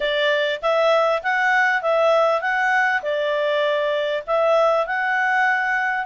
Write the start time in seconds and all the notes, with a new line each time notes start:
0.00 D5
0.61 E5
1.22 F#5
1.82 E5
2.41 F#5
3.02 D5
4.26 E5
4.86 F#5